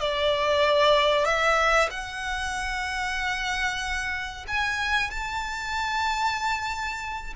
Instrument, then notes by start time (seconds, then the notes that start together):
violin
0.00 D5
1.25 E5
1.90 F#5
4.47 G#5
5.10 A5